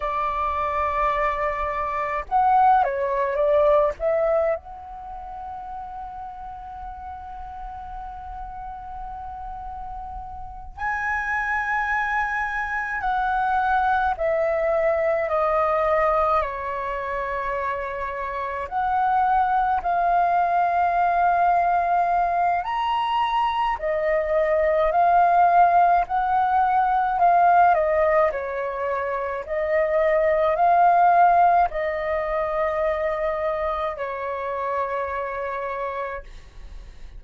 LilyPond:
\new Staff \with { instrumentName = "flute" } { \time 4/4 \tempo 4 = 53 d''2 fis''8 cis''8 d''8 e''8 | fis''1~ | fis''4. gis''2 fis''8~ | fis''8 e''4 dis''4 cis''4.~ |
cis''8 fis''4 f''2~ f''8 | ais''4 dis''4 f''4 fis''4 | f''8 dis''8 cis''4 dis''4 f''4 | dis''2 cis''2 | }